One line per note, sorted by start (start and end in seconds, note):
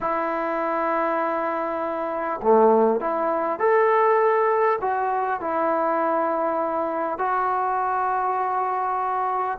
0.00 2.40 E4
2.42 3.00 A3
3.00 3.59 E4
3.59 4.79 A4
4.81 5.40 F#4
5.40 7.18 E4
7.18 9.58 F#4